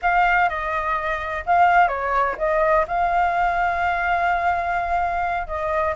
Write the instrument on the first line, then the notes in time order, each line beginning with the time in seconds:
flute
0.02 F5
0.49 D#5
1.45 F5
1.88 C#5
2.38 D#5
2.87 F5
5.47 D#5